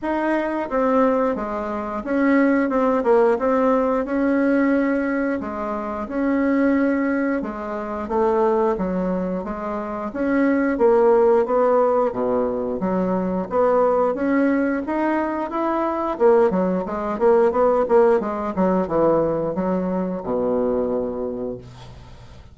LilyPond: \new Staff \with { instrumentName = "bassoon" } { \time 4/4 \tempo 4 = 89 dis'4 c'4 gis4 cis'4 | c'8 ais8 c'4 cis'2 | gis4 cis'2 gis4 | a4 fis4 gis4 cis'4 |
ais4 b4 b,4 fis4 | b4 cis'4 dis'4 e'4 | ais8 fis8 gis8 ais8 b8 ais8 gis8 fis8 | e4 fis4 b,2 | }